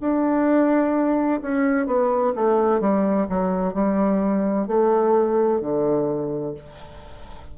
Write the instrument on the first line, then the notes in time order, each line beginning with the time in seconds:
bassoon
0.00 D4
1.41 C#4
1.86 B3
2.35 A3
2.80 G3
3.29 F#3
3.74 G3
4.67 A3
5.60 D3